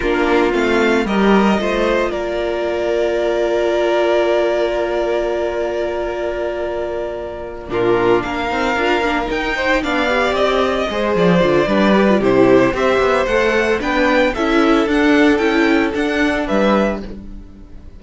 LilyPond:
<<
  \new Staff \with { instrumentName = "violin" } { \time 4/4 \tempo 4 = 113 ais'4 f''4 dis''2 | d''1~ | d''1~ | d''2~ d''8 ais'4 f''8~ |
f''4. g''4 f''4 dis''8~ | dis''4 d''2 c''4 | e''4 fis''4 g''4 e''4 | fis''4 g''4 fis''4 e''4 | }
  \new Staff \with { instrumentName = "violin" } { \time 4/4 f'2 ais'4 c''4 | ais'1~ | ais'1~ | ais'2~ ais'8 f'4 ais'8~ |
ais'2 c''8 d''4.~ | d''8 c''4. b'4 g'4 | c''2 b'4 a'4~ | a'2. b'4 | }
  \new Staff \with { instrumentName = "viola" } { \time 4/4 d'4 c'4 g'4 f'4~ | f'1~ | f'1~ | f'2~ f'8 d'4. |
dis'8 f'8 d'8 dis'4 d'8 g'4~ | g'8 gis'4 f'8 d'8 g'16 f'16 e'4 | g'4 a'4 d'4 e'4 | d'4 e'4 d'2 | }
  \new Staff \with { instrumentName = "cello" } { \time 4/4 ais4 a4 g4 a4 | ais1~ | ais1~ | ais2~ ais8 ais,4 ais8 |
c'8 d'8 ais8 dis'4 b4 c'8~ | c'8 gis8 f8 d8 g4 c4 | c'8 b8 a4 b4 cis'4 | d'4 cis'4 d'4 g4 | }
>>